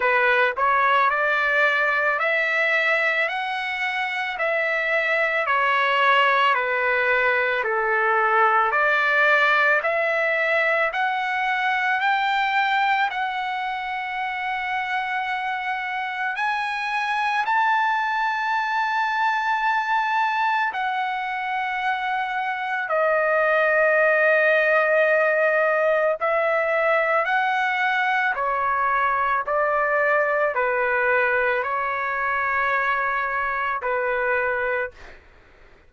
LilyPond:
\new Staff \with { instrumentName = "trumpet" } { \time 4/4 \tempo 4 = 55 b'8 cis''8 d''4 e''4 fis''4 | e''4 cis''4 b'4 a'4 | d''4 e''4 fis''4 g''4 | fis''2. gis''4 |
a''2. fis''4~ | fis''4 dis''2. | e''4 fis''4 cis''4 d''4 | b'4 cis''2 b'4 | }